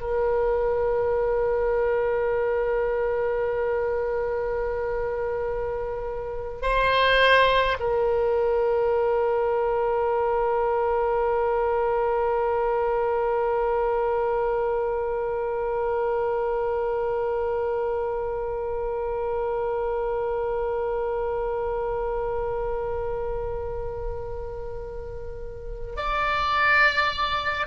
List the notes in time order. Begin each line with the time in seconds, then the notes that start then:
0.00 A#4
6.62 C5
7.79 A#4
25.96 D5